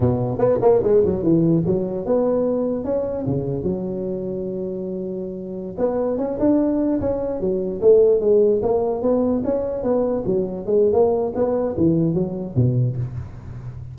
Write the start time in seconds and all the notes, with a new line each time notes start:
0.00 B2
0.38 B3
0.61 A#3
0.83 G#3
1.04 F#3
1.23 E3
1.65 F#3
2.05 B3
2.84 C#4
3.26 C#3
3.63 F#3
5.78 B3
6.17 C#4
6.39 D4
7.00 C#4
7.40 F#3
7.81 A3
8.20 G#3
8.62 A#3
9.02 B3
9.44 C#4
9.83 B3
10.25 F#3
10.65 G#3
10.92 A#3
11.35 B3
11.77 E3
12.14 F#3
12.55 B2